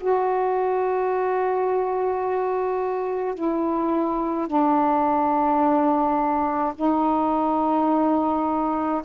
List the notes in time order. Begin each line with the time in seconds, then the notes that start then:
0.00 F#4
3.34 E4
4.47 D4
6.76 D#4